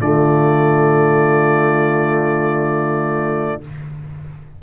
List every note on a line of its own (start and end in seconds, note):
0.00 3.62 D3
0.00 3.61 A3
0.00 3.63 F4
0.00 3.62 D5